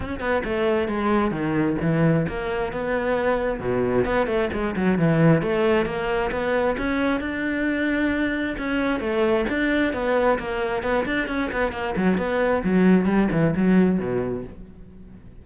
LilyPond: \new Staff \with { instrumentName = "cello" } { \time 4/4 \tempo 4 = 133 cis'8 b8 a4 gis4 dis4 | e4 ais4 b2 | b,4 b8 a8 gis8 fis8 e4 | a4 ais4 b4 cis'4 |
d'2. cis'4 | a4 d'4 b4 ais4 | b8 d'8 cis'8 b8 ais8 fis8 b4 | fis4 g8 e8 fis4 b,4 | }